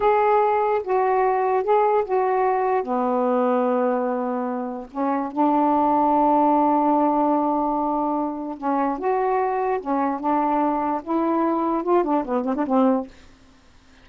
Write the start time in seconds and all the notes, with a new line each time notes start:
0.00 G#4
0.83 F#4
1.63 G#4
2.04 F#4
2.83 B3
4.91 C#4
5.32 D4
8.57 C#4
8.98 F#4
9.80 C#4
10.19 D4
11.03 E4
11.83 F4
12.04 D4
12.24 B3
12.44 C4
12.55 D4
12.66 C4